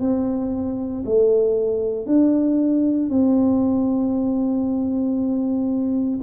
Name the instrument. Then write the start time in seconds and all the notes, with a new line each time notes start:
tuba
0.00 C4
1.05 A3
2.06 D4
3.09 C4